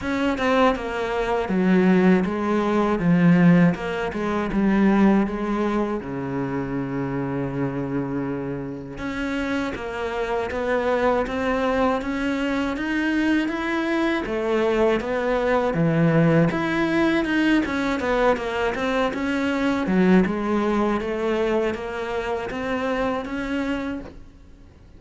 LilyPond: \new Staff \with { instrumentName = "cello" } { \time 4/4 \tempo 4 = 80 cis'8 c'8 ais4 fis4 gis4 | f4 ais8 gis8 g4 gis4 | cis1 | cis'4 ais4 b4 c'4 |
cis'4 dis'4 e'4 a4 | b4 e4 e'4 dis'8 cis'8 | b8 ais8 c'8 cis'4 fis8 gis4 | a4 ais4 c'4 cis'4 | }